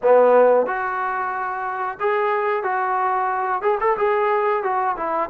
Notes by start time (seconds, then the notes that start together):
0.02 B3
0.66 F#4
2.00 G#4
2.63 F#4
3.62 G#4
3.80 A4
3.97 G#4
4.63 F#4
4.96 E4